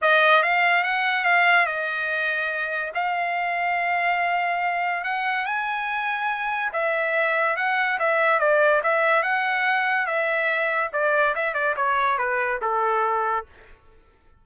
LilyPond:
\new Staff \with { instrumentName = "trumpet" } { \time 4/4 \tempo 4 = 143 dis''4 f''4 fis''4 f''4 | dis''2. f''4~ | f''1 | fis''4 gis''2. |
e''2 fis''4 e''4 | d''4 e''4 fis''2 | e''2 d''4 e''8 d''8 | cis''4 b'4 a'2 | }